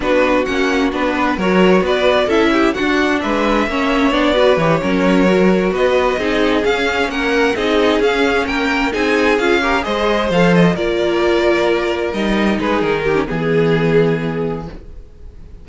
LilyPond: <<
  \new Staff \with { instrumentName = "violin" } { \time 4/4 \tempo 4 = 131 b'4 fis''4 b'4 cis''4 | d''4 e''4 fis''4 e''4~ | e''4 d''4 cis''2~ | cis''8 dis''2 f''4 fis''8~ |
fis''8 dis''4 f''4 g''4 gis''8~ | gis''8 f''4 dis''4 f''8 dis''8 d''8~ | d''2~ d''8 dis''4 b'8 | ais'4 gis'2. | }
  \new Staff \with { instrumentName = "violin" } { \time 4/4 fis'2~ fis'8 b'8 ais'4 | b'4 a'8 g'8 fis'4 b'4 | cis''4. b'4 ais'4.~ | ais'8 b'4 gis'2 ais'8~ |
ais'8 gis'2 ais'4 gis'8~ | gis'4 ais'8 c''2 ais'8~ | ais'2.~ ais'8 gis'8~ | gis'8 g'8 gis'2. | }
  \new Staff \with { instrumentName = "viola" } { \time 4/4 d'4 cis'4 d'4 fis'4~ | fis'4 e'4 d'2 | cis'4 d'8 fis'8 g'8 cis'4 fis'8~ | fis'4. dis'4 cis'4.~ |
cis'8 dis'4 cis'2 dis'8~ | dis'8 f'8 g'8 gis'4 a'4 f'8~ | f'2~ f'8 dis'4.~ | dis'8. cis'16 b2. | }
  \new Staff \with { instrumentName = "cello" } { \time 4/4 b4 ais4 b4 fis4 | b4 cis'4 d'4 gis4 | ais4 b4 e8 fis4.~ | fis8 b4 c'4 cis'4 ais8~ |
ais8 c'4 cis'4 ais4 c'8~ | c'8 cis'4 gis4 f4 ais8~ | ais2~ ais8 g4 gis8 | dis4 e2. | }
>>